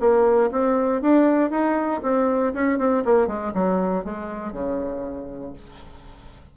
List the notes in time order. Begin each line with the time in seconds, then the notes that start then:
0.00 A#3
0.51 C4
1.02 D4
1.51 D#4
2.03 C4
2.53 C#4
2.78 C4
3.05 A#3
3.27 G#3
3.54 F#3
4.04 G#3
4.52 C#3